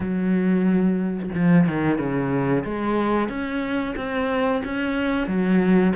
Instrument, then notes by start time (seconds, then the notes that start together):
cello
0.00 F#3
1.34 F3
1.67 D#3
1.98 C#3
2.64 G#3
3.28 C#4
3.96 C4
4.64 C#4
5.27 F#3